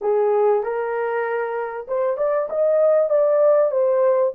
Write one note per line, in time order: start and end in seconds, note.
0.01 0.63 G#4
0.63 1.86 A#4
1.87 2.17 C5
2.17 2.48 D5
2.49 3.09 D#5
3.09 3.71 D5
3.71 4.32 C5